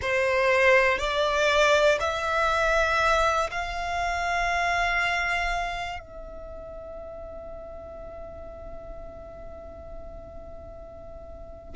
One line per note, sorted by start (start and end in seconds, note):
0.01 0.98 C5
0.98 1.98 D5
2.00 3.50 E5
3.51 5.99 F5
5.99 11.74 E5